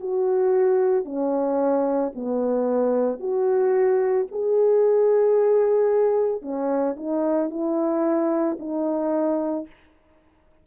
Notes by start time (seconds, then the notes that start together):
0.00 F#4
1.05 C#4
2.15 B3
3.20 F#4
4.31 G#4
6.42 C#4
6.97 D#4
7.50 E4
8.60 D#4